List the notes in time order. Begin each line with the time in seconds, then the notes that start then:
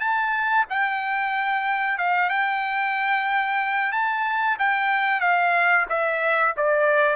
0.00 A5
0.70 G5
1.98 F5
2.30 G5
3.92 A5
4.59 G5
5.21 F5
5.89 E5
6.57 D5